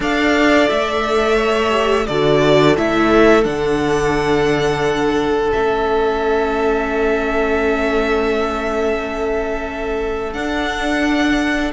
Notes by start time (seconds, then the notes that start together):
0.00 D4 A4 D5 F5
0.69 A3 E5
1.36 C#5
1.70 G4
2.06 D3 F#4 A4 D5
2.77 A3 E4 E5
3.43 D3 D4 F#5
5.52 A3 C#4 E5
10.33 D4 F#5